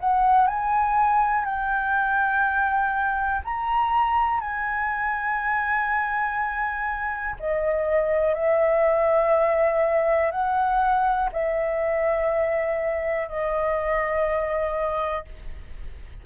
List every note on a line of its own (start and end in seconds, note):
0.00 0.47 F#5
0.47 1.45 G#5
1.45 3.42 G5
3.45 4.41 A#5
4.41 7.36 G#5
7.40 8.35 D#5
8.35 10.31 E5
10.31 11.30 F#5
11.33 13.28 E5
13.28 15.25 D#5